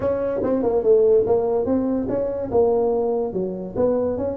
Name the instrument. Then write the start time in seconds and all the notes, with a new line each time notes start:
tuba
0.00 C#4
0.43 C4
0.62 A#3
0.83 A3
1.26 A#3
1.65 C4
2.08 C#4
2.51 A#3
3.33 F#3
3.76 B3
4.17 C#4